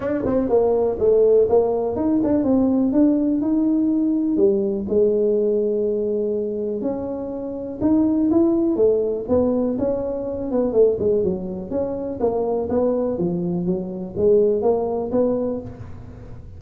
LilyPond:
\new Staff \with { instrumentName = "tuba" } { \time 4/4 \tempo 4 = 123 d'8 c'8 ais4 a4 ais4 | dis'8 d'8 c'4 d'4 dis'4~ | dis'4 g4 gis2~ | gis2 cis'2 |
dis'4 e'4 a4 b4 | cis'4. b8 a8 gis8 fis4 | cis'4 ais4 b4 f4 | fis4 gis4 ais4 b4 | }